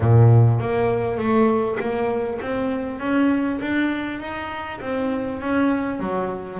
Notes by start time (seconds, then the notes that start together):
0.00 A#2
0.59 A#3
1.17 A3
1.79 A#3
2.41 C4
2.99 C#4
3.61 D4
4.20 D#4
4.80 C4
5.40 C#4
5.99 F#3